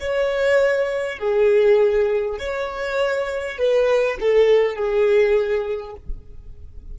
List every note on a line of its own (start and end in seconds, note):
0.00 1.19 C#5
1.19 2.38 G#4
2.38 3.58 C#5
3.58 4.18 B4
4.20 4.76 A4
4.76 5.96 G#4